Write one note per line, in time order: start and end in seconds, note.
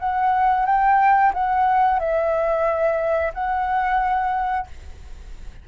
0.00 0.66 F#5
0.66 1.33 G5
1.34 2.00 F#5
2.00 3.33 E5
3.34 4.68 F#5